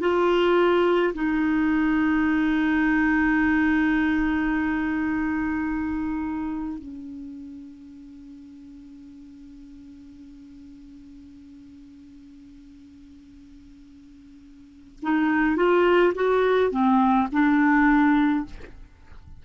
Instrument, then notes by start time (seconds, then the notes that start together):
clarinet
0.00 F4
1.14 D#4
6.79 C#4
15.03 D#4
15.57 F4
16.15 F#4
16.71 C4
17.32 D4